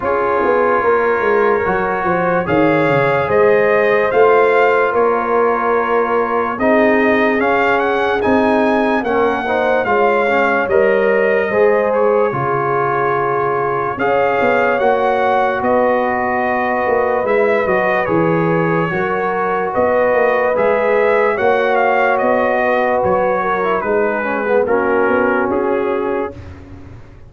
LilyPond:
<<
  \new Staff \with { instrumentName = "trumpet" } { \time 4/4 \tempo 4 = 73 cis''2. f''4 | dis''4 f''4 cis''2 | dis''4 f''8 fis''8 gis''4 fis''4 | f''4 dis''4. cis''4.~ |
cis''4 f''4 fis''4 dis''4~ | dis''4 e''8 dis''8 cis''2 | dis''4 e''4 fis''8 f''8 dis''4 | cis''4 b'4 ais'4 gis'4 | }
  \new Staff \with { instrumentName = "horn" } { \time 4/4 gis'4 ais'4. c''8 cis''4 | c''2 ais'2 | gis'2. ais'8 c''8 | cis''2 c''4 gis'4~ |
gis'4 cis''2 b'4~ | b'2. ais'4 | b'2 cis''4. b'8~ | b'8 ais'8 gis'4 fis'2 | }
  \new Staff \with { instrumentName = "trombone" } { \time 4/4 f'2 fis'4 gis'4~ | gis'4 f'2. | dis'4 cis'4 dis'4 cis'8 dis'8 | f'8 cis'8 ais'4 gis'4 f'4~ |
f'4 gis'4 fis'2~ | fis'4 e'8 fis'8 gis'4 fis'4~ | fis'4 gis'4 fis'2~ | fis'8. e'16 dis'8 cis'16 b16 cis'2 | }
  \new Staff \with { instrumentName = "tuba" } { \time 4/4 cis'8 b8 ais8 gis8 fis8 f8 dis8 cis8 | gis4 a4 ais2 | c'4 cis'4 c'4 ais4 | gis4 g4 gis4 cis4~ |
cis4 cis'8 b8 ais4 b4~ | b8 ais8 gis8 fis8 e4 fis4 | b8 ais8 gis4 ais4 b4 | fis4 gis4 ais8 b8 cis'4 | }
>>